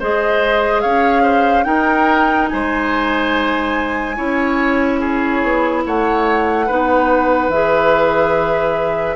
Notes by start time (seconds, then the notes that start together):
0.00 G#3 G#4 C5 D#5
0.81 C#4 C#5 F5
1.23 C5
1.64 D#4 A#4 G5
2.49 G#3 C5 G#5
4.16 C#4 E4 C#5
4.99 G#4 C#5
5.43 B3
5.87 A3 C#5 F#5
6.67 B3 D#4 B4
7.50 E3 G#4 E5